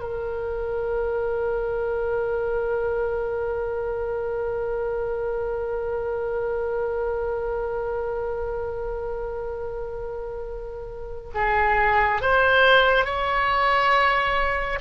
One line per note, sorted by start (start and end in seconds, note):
0.00 11.30 A#4
11.34 12.21 G#4
12.21 13.05 C5
13.05 14.79 C#5